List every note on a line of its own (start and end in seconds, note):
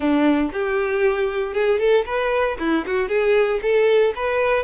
0.00 0.50 D4
0.52 1.53 G4
1.53 1.79 G#4
1.79 2.05 A4
2.05 2.57 B4
2.59 2.84 E4
2.86 3.08 F#4
3.08 3.60 G#4
3.62 4.13 A4
4.15 4.63 B4